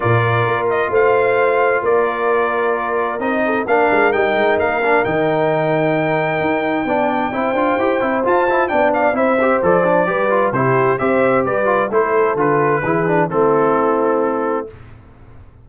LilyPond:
<<
  \new Staff \with { instrumentName = "trumpet" } { \time 4/4 \tempo 4 = 131 d''4. dis''8 f''2 | d''2. dis''4 | f''4 g''4 f''4 g''4~ | g''1~ |
g''2 a''4 g''8 f''8 | e''4 d''2 c''4 | e''4 d''4 c''4 b'4~ | b'4 a'2. | }
  \new Staff \with { instrumentName = "horn" } { \time 4/4 ais'2 c''2 | ais'2.~ ais'8 a'8 | ais'1~ | ais'2. d''4 |
c''2. d''4 | c''2 b'4 g'4 | c''4 b'4 a'2 | gis'4 e'2. | }
  \new Staff \with { instrumentName = "trombone" } { \time 4/4 f'1~ | f'2. dis'4 | d'4 dis'4. d'8 dis'4~ | dis'2. d'4 |
e'8 f'8 g'8 e'8 f'8 e'8 d'4 | e'8 g'8 a'8 d'8 g'8 f'8 e'4 | g'4. f'8 e'4 f'4 | e'8 d'8 c'2. | }
  \new Staff \with { instrumentName = "tuba" } { \time 4/4 ais,4 ais4 a2 | ais2. c'4 | ais8 gis8 g8 gis8 ais4 dis4~ | dis2 dis'4 b4 |
c'8 d'8 e'8 c'8 f'4 b4 | c'4 f4 g4 c4 | c'4 g4 a4 d4 | e4 a2. | }
>>